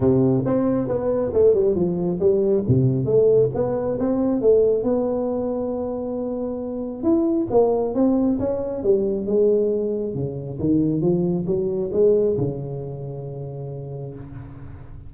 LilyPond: \new Staff \with { instrumentName = "tuba" } { \time 4/4 \tempo 4 = 136 c4 c'4 b4 a8 g8 | f4 g4 c4 a4 | b4 c'4 a4 b4~ | b1 |
e'4 ais4 c'4 cis'4 | g4 gis2 cis4 | dis4 f4 fis4 gis4 | cis1 | }